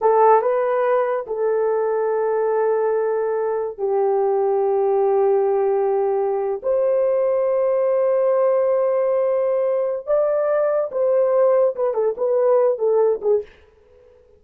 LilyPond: \new Staff \with { instrumentName = "horn" } { \time 4/4 \tempo 4 = 143 a'4 b'2 a'4~ | a'1~ | a'4 g'2.~ | g'2.~ g'8. c''16~ |
c''1~ | c''1 | d''2 c''2 | b'8 a'8 b'4. a'4 gis'8 | }